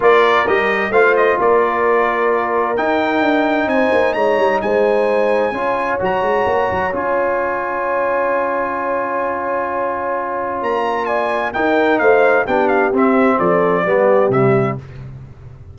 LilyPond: <<
  \new Staff \with { instrumentName = "trumpet" } { \time 4/4 \tempo 4 = 130 d''4 dis''4 f''8 dis''8 d''4~ | d''2 g''2 | gis''4 ais''4 gis''2~ | gis''4 ais''2 gis''4~ |
gis''1~ | gis''2. ais''4 | gis''4 g''4 f''4 g''8 f''8 | e''4 d''2 e''4 | }
  \new Staff \with { instrumentName = "horn" } { \time 4/4 ais'2 c''4 ais'4~ | ais'1 | c''4 cis''4 c''2 | cis''1~ |
cis''1~ | cis''1 | d''4 ais'4 c''4 g'4~ | g'4 a'4 g'2 | }
  \new Staff \with { instrumentName = "trombone" } { \time 4/4 f'4 g'4 f'2~ | f'2 dis'2~ | dis'1 | f'4 fis'2 f'4~ |
f'1~ | f'1~ | f'4 dis'2 d'4 | c'2 b4 g4 | }
  \new Staff \with { instrumentName = "tuba" } { \time 4/4 ais4 g4 a4 ais4~ | ais2 dis'4 d'4 | c'8 ais8 gis8 g8 gis2 | cis'4 fis8 gis8 ais8 fis8 cis'4~ |
cis'1~ | cis'2. ais4~ | ais4 dis'4 a4 b4 | c'4 f4 g4 c4 | }
>>